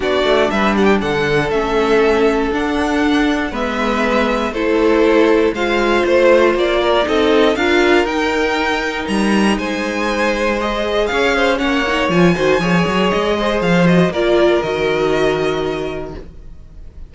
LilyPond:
<<
  \new Staff \with { instrumentName = "violin" } { \time 4/4 \tempo 4 = 119 d''4 e''8 fis''16 g''16 fis''4 e''4~ | e''4 fis''2 e''4~ | e''4 c''2 f''4 | c''4 d''4 dis''4 f''4 |
g''2 ais''4 gis''4~ | gis''4 dis''4 f''4 fis''4 | gis''2 dis''4 f''8 dis''8 | d''4 dis''2. | }
  \new Staff \with { instrumentName = "violin" } { \time 4/4 fis'4 b'8 g'8 a'2~ | a'2. b'4~ | b'4 a'2 c''4~ | c''4. ais'8 a'4 ais'4~ |
ais'2. c''4~ | c''2 cis''8 c''8 cis''4~ | cis''8 c''8 cis''4. c''4. | ais'1 | }
  \new Staff \with { instrumentName = "viola" } { \time 4/4 d'2. cis'4~ | cis'4 d'2 b4~ | b4 e'2 f'4~ | f'2 dis'4 f'4 |
dis'1~ | dis'4 gis'2 cis'8 dis'8 | f'8 fis'8 gis'2~ gis'8 fis'8 | f'4 fis'2. | }
  \new Staff \with { instrumentName = "cello" } { \time 4/4 b8 a8 g4 d4 a4~ | a4 d'2 gis4~ | gis4 a2 gis4 | a4 ais4 c'4 d'4 |
dis'2 g4 gis4~ | gis2 cis'4 ais4 | f8 dis8 f8 fis8 gis4 f4 | ais4 dis2. | }
>>